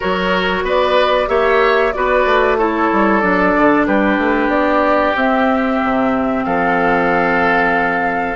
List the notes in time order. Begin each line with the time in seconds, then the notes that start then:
0.00 F#3 F#4 A#4 C#5
0.62 B3 B4 D5
1.27 A#3 G4 C#5 E5
1.92 B3 F#4 B4 D5
2.25 A3
2.58 E4 A4 C#5
2.92 G3
3.20 F#3 D4 D5
3.56 D3
3.86 G3 G4 B4
4.17 A3
4.48 B3 D5
5.15 C4 E5
5.83 C3
6.44 F3 A4 F5